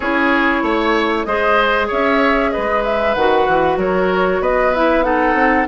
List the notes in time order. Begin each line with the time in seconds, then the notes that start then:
0.00 C#4 E4 G#4 C#5
0.62 A3 C#5
1.24 G#3 G#4 C5 D#5
1.87 C#4 C#5 E5
2.51 B4 D#5
2.57 G#3
2.84 E5
3.14 D#3 F#4 F#5
3.47 E3
3.76 F#3 A#4 C#5
4.39 B3 B4 D#5
4.73 E4 E5
5.03 D#4 A4 F#5
5.33 C4